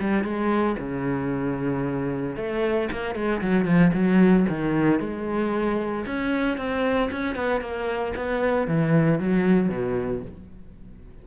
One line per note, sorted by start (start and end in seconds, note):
0.00 0.24 G3
0.24 0.77 G#3
0.79 2.37 C#3
2.37 2.89 A3
2.92 3.15 A#3
3.15 3.41 G#3
3.42 3.65 F#3
3.65 3.92 F3
3.94 4.46 F#3
4.49 5.00 D#3
5.00 6.06 G#3
6.06 6.58 C#4
6.58 7.10 C4
7.12 7.35 C#4
7.35 7.61 B3
7.61 8.14 A#3
8.16 8.68 B3
8.68 9.20 E3
9.20 9.69 F#3
9.69 10.22 B2